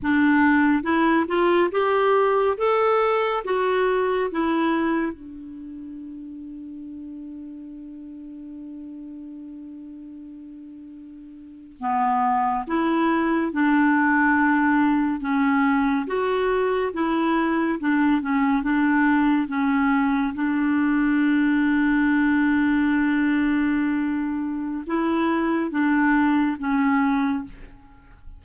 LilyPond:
\new Staff \with { instrumentName = "clarinet" } { \time 4/4 \tempo 4 = 70 d'4 e'8 f'8 g'4 a'4 | fis'4 e'4 d'2~ | d'1~ | d'4.~ d'16 b4 e'4 d'16~ |
d'4.~ d'16 cis'4 fis'4 e'16~ | e'8. d'8 cis'8 d'4 cis'4 d'16~ | d'1~ | d'4 e'4 d'4 cis'4 | }